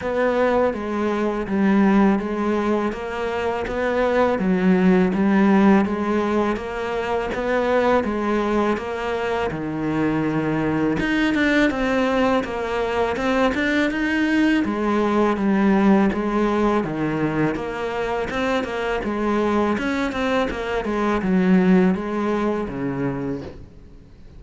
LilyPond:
\new Staff \with { instrumentName = "cello" } { \time 4/4 \tempo 4 = 82 b4 gis4 g4 gis4 | ais4 b4 fis4 g4 | gis4 ais4 b4 gis4 | ais4 dis2 dis'8 d'8 |
c'4 ais4 c'8 d'8 dis'4 | gis4 g4 gis4 dis4 | ais4 c'8 ais8 gis4 cis'8 c'8 | ais8 gis8 fis4 gis4 cis4 | }